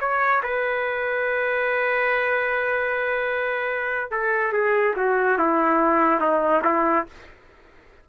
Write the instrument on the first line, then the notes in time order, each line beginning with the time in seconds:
trumpet
0.00 C#5
0.43 B4
4.11 A4
4.53 G#4
4.96 F#4
5.38 E4
6.21 D#4
6.64 E4